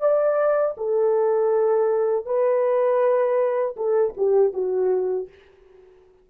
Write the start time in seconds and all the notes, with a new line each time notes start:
0.00 D5
0.77 A4
2.26 B4
3.76 A4
4.17 G4
4.53 F#4